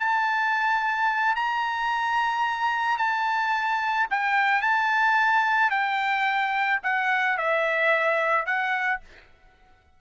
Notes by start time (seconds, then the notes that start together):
0.00 A5
1.36 A#5
2.98 A5
4.11 G5
4.62 A5
5.71 G5
6.84 F#5
7.38 E5
8.46 F#5